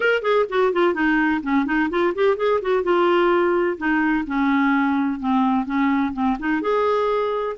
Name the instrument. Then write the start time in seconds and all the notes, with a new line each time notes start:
clarinet
0.00 A#4
0.21 G#4
0.49 F#4
0.72 F4
0.94 D#4
1.43 C#4
1.65 D#4
1.90 F4
2.15 G4
2.36 G#4
2.61 F#4
2.83 F4
3.77 D#4
4.26 C#4
5.19 C4
5.65 C#4
6.13 C4
6.39 D#4
6.61 G#4